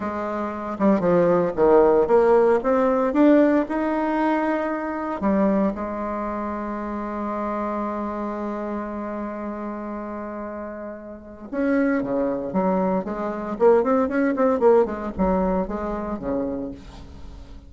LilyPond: \new Staff \with { instrumentName = "bassoon" } { \time 4/4 \tempo 4 = 115 gis4. g8 f4 dis4 | ais4 c'4 d'4 dis'4~ | dis'2 g4 gis4~ | gis1~ |
gis1~ | gis2 cis'4 cis4 | fis4 gis4 ais8 c'8 cis'8 c'8 | ais8 gis8 fis4 gis4 cis4 | }